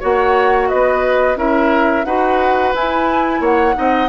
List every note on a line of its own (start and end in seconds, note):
0.00 0.72 A#3
0.00 1.36 F#4
0.00 0.68 C#5
0.00 0.69 F#5
0.69 1.36 B3
0.69 1.38 B4
0.69 1.37 D#5
1.36 2.04 C#4
1.36 2.05 E4
1.36 2.06 A#4
1.36 2.05 E5
2.05 2.74 D#4
2.05 2.75 F#4
2.05 3.41 B4
2.05 2.73 F#5
2.74 3.41 E4
2.74 3.74 E4
2.74 3.44 G#5
3.41 3.75 A#3
3.41 3.75 C#5
3.41 4.09 F#5
3.74 4.09 C4
3.74 4.08 D#4
3.74 4.09 D#5